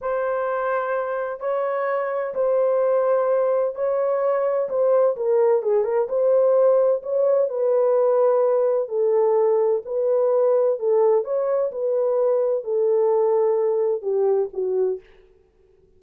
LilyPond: \new Staff \with { instrumentName = "horn" } { \time 4/4 \tempo 4 = 128 c''2. cis''4~ | cis''4 c''2. | cis''2 c''4 ais'4 | gis'8 ais'8 c''2 cis''4 |
b'2. a'4~ | a'4 b'2 a'4 | cis''4 b'2 a'4~ | a'2 g'4 fis'4 | }